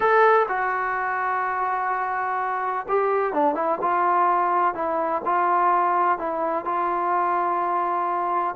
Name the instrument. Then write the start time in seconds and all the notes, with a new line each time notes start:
trombone
0.00 A4
0.48 F#4
2.88 G4
3.33 D4
3.54 E4
3.81 F4
4.74 E4
5.25 F4
6.18 E4
6.64 F4